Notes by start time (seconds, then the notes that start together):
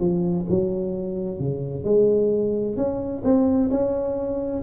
0.00 F3
0.50 F#3
1.40 C#3
1.84 G#3
2.77 C#4
3.24 C4
3.71 C#4